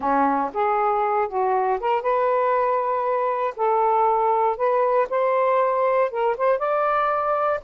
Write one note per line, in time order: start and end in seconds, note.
0.00 0.51 C#4
0.53 1.28 G#4
1.28 1.79 F#4
1.80 2.02 A#4
2.02 3.54 B4
3.56 4.56 A4
4.56 5.07 B4
5.09 6.10 C5
6.10 6.36 A#4
6.37 6.58 C5
6.58 7.60 D5